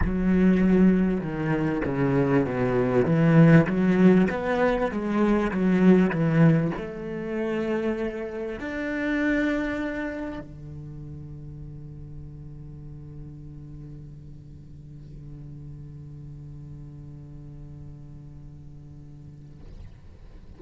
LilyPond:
\new Staff \with { instrumentName = "cello" } { \time 4/4 \tempo 4 = 98 fis2 dis4 cis4 | b,4 e4 fis4 b4 | gis4 fis4 e4 a4~ | a2 d'2~ |
d'4 d2.~ | d1~ | d1~ | d1 | }